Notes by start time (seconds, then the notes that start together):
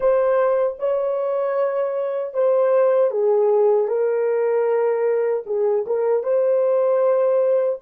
0.00 C5
0.78 C#5
2.33 C5
3.10 G#4
3.87 A#4
5.46 G#4
5.86 A#4
6.23 C5